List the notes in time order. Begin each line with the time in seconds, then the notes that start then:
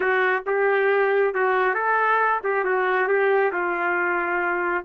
0.00 F#4
0.46 G4
1.34 F#4
1.74 A4
2.43 G4
2.64 F#4
3.08 G4
3.52 F4